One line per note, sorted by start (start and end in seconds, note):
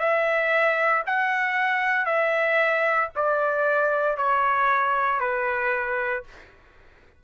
0.00 1.03 E5
1.07 2.06 F#5
2.06 3.09 E5
3.16 4.18 D5
4.18 5.21 C#5
5.21 6.24 B4